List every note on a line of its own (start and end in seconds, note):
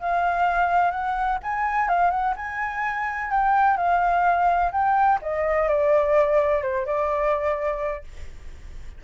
0.00 0.91 F5
0.91 1.39 F#5
1.43 1.89 G#5
1.89 2.11 F5
2.11 2.35 F#5
2.37 3.31 G#5
3.31 3.77 G5
3.77 4.72 F5
4.72 5.19 G5
5.22 5.69 D#5
5.69 6.62 D5
6.62 6.86 C5
6.86 8.04 D5